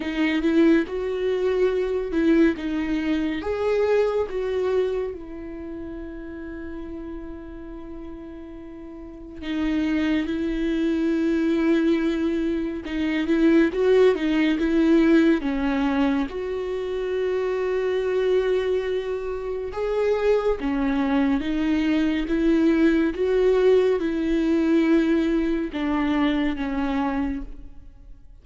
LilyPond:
\new Staff \with { instrumentName = "viola" } { \time 4/4 \tempo 4 = 70 dis'8 e'8 fis'4. e'8 dis'4 | gis'4 fis'4 e'2~ | e'2. dis'4 | e'2. dis'8 e'8 |
fis'8 dis'8 e'4 cis'4 fis'4~ | fis'2. gis'4 | cis'4 dis'4 e'4 fis'4 | e'2 d'4 cis'4 | }